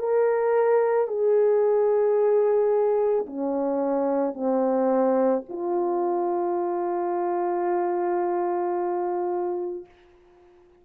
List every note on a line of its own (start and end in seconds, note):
0.00 1.08 A#4
1.08 3.26 G#4
3.27 4.34 C#4
4.34 5.43 C4
5.49 9.86 F4